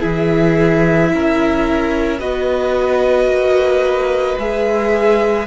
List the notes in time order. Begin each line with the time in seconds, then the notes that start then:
0.00 E3 E4 G#4 E5
1.14 C#4 A#4
2.19 B3 F#4 B4 D#5
3.27 A#3
4.38 G#3 G#4 E5